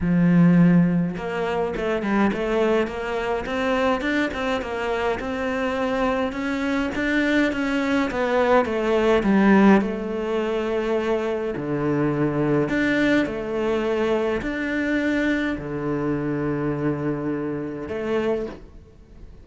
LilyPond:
\new Staff \with { instrumentName = "cello" } { \time 4/4 \tempo 4 = 104 f2 ais4 a8 g8 | a4 ais4 c'4 d'8 c'8 | ais4 c'2 cis'4 | d'4 cis'4 b4 a4 |
g4 a2. | d2 d'4 a4~ | a4 d'2 d4~ | d2. a4 | }